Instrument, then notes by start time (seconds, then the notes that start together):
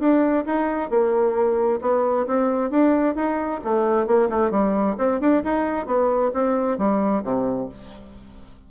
bassoon
0.00 D4
0.46 D#4
0.90 A#3
1.82 B3
2.27 C4
2.71 D4
3.16 D#4
3.64 A3
4.07 A#3
4.30 A3
4.51 G3
4.98 C4
5.21 D4
5.44 D#4
5.87 B3
6.34 C4
6.79 G3
7.24 C3